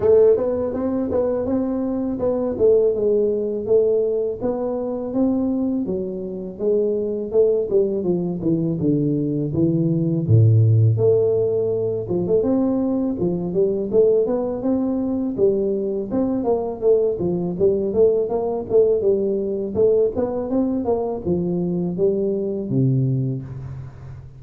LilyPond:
\new Staff \with { instrumentName = "tuba" } { \time 4/4 \tempo 4 = 82 a8 b8 c'8 b8 c'4 b8 a8 | gis4 a4 b4 c'4 | fis4 gis4 a8 g8 f8 e8 | d4 e4 a,4 a4~ |
a8 f16 a16 c'4 f8 g8 a8 b8 | c'4 g4 c'8 ais8 a8 f8 | g8 a8 ais8 a8 g4 a8 b8 | c'8 ais8 f4 g4 c4 | }